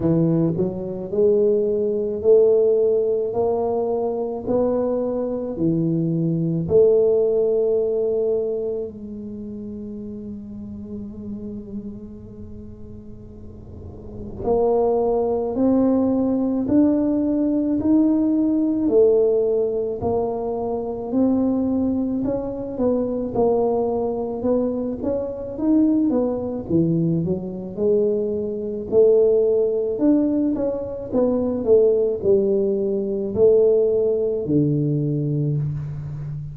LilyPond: \new Staff \with { instrumentName = "tuba" } { \time 4/4 \tempo 4 = 54 e8 fis8 gis4 a4 ais4 | b4 e4 a2 | gis1~ | gis4 ais4 c'4 d'4 |
dis'4 a4 ais4 c'4 | cis'8 b8 ais4 b8 cis'8 dis'8 b8 | e8 fis8 gis4 a4 d'8 cis'8 | b8 a8 g4 a4 d4 | }